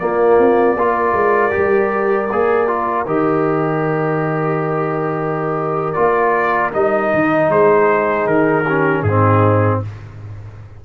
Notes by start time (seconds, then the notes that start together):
0.00 A#3 F4 D5
0.39 C4
0.75 A#3 F4 A#4
1.13 G#3
1.51 G4
1.58 G3
2.32 A#3 G#4
2.68 F4
3.07 D#3 G4 D#5
5.94 A#3 F4 D5
6.73 G3 D#4 D#5
7.14 D#3
7.50 G#3 G#4 C5
8.26 D#3 A#4
8.66 C#4 G4
9.03 G#2 C4 D#4 G#4